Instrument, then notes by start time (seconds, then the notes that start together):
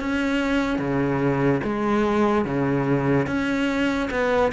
cello
0.00 C#4
0.79 C#3
1.64 G#3
2.45 C#3
3.27 C#4
4.11 B3